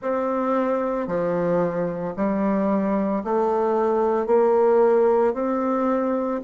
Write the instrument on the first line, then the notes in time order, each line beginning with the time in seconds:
bassoon
0.01 C4
1.07 F3
2.16 G3
3.24 A3
4.26 A#3
5.33 C4